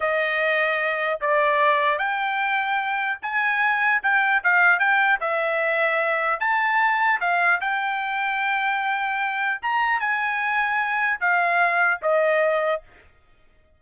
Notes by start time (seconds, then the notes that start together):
0.00 D#5
1.20 D5
1.98 G5
3.21 G#5
4.02 G5
4.43 F5
4.79 G5
5.20 E5
6.40 A5
7.20 F5
7.60 G5
9.61 A#5
9.99 G#5
11.20 F5
12.02 D#5